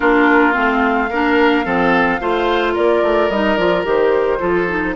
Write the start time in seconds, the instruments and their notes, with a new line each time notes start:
0.00 bassoon A#3, clarinet D4, oboe F4, flute A#4
0.52 bassoon A3, clarinet C4, flute F5
1.10 bassoon A#3, clarinet D4, oboe A#4
1.64 bassoon F3, clarinet C4, oboe A4
2.20 bassoon A3, clarinet F4, oboe C5
2.73 bassoon A#3, oboe A#4, flute D5
3.02 bassoon A3
3.29 bassoon G3, clarinet D#4, flute D#5
3.56 bassoon F3, clarinet F4, flute D5
3.83 bassoon D#3, clarinet G4, flute C5
4.38 bassoon F3, clarinet F4, oboe A4
4.67 clarinet D#4